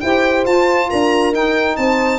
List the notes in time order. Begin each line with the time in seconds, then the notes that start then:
0.00 E4 G4 C5 G5
0.45 F4 A5
0.89 D4 A#4 A#5
1.32 D#4 G5
1.76 C4 C5 A5